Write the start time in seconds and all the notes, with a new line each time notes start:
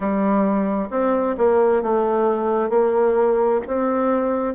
0.00 G3
0.90 C4
1.37 A#3
1.82 A3
2.69 A#3
3.67 C4